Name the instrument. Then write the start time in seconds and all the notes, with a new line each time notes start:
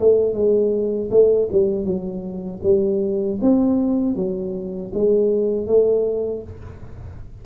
tuba
0.00 A3
0.33 G#3
1.10 A3
1.52 G3
1.84 F#3
2.63 G3
3.41 C4
4.16 F#3
4.94 G#3
5.67 A3